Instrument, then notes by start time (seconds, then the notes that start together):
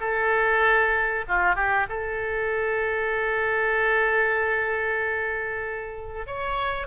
oboe
0.00 A4
1.28 F4
1.55 G4
1.89 A4
6.26 C#5